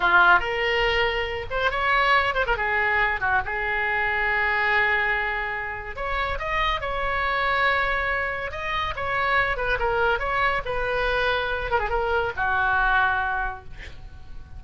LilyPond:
\new Staff \with { instrumentName = "oboe" } { \time 4/4 \tempo 4 = 141 f'4 ais'2~ ais'8 c''8 | cis''4. c''16 ais'16 gis'4. fis'8 | gis'1~ | gis'2 cis''4 dis''4 |
cis''1 | dis''4 cis''4. b'8 ais'4 | cis''4 b'2~ b'8 ais'16 gis'16 | ais'4 fis'2. | }